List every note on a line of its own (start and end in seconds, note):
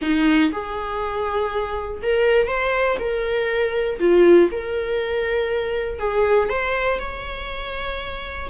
0.01 0.51 D#4
0.52 2.02 G#4
2.02 2.48 A#4
2.48 2.97 C5
2.99 3.99 A#4
3.99 4.49 F4
4.51 5.99 A#4
5.99 6.49 G#4
6.49 6.99 C5
6.99 8.49 C#5